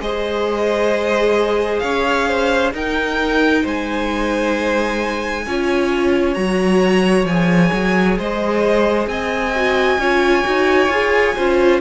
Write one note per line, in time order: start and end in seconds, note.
0.00 1.82 G#3
0.00 2.71 G#4
0.00 1.83 C5
0.00 1.79 D#5
1.79 2.73 C#4
1.79 2.27 C#5
1.79 2.70 F5
2.27 2.73 C5
2.71 5.44 D#4
2.71 3.64 D#4
2.71 3.62 A#4
2.71 3.66 G5
3.62 5.46 G#3
3.62 5.44 C5
3.62 6.34 G#5
5.46 6.36 C#4
5.46 6.35 F4
5.46 8.18 C#5
6.34 7.24 F#3
6.34 7.26 F#4
6.34 7.24 A#5
7.24 7.70 F3
7.24 9.55 G#4
7.24 8.17 G#5
7.72 8.17 F#3
8.18 9.06 G#3
8.18 9.09 C5
8.18 9.07 D#5
9.06 9.97 C4
9.06 10.00 D#5
9.06 11.80 G#5
9.55 9.99 F#4
9.98 10.43 C#4
9.98 10.44 F4
9.98 11.35 C#5
10.44 10.88 D#4
10.44 10.89 F#4
10.88 11.33 F4
10.88 11.36 G#4
11.35 11.80 C#4
11.35 11.80 F4
11.35 11.80 C5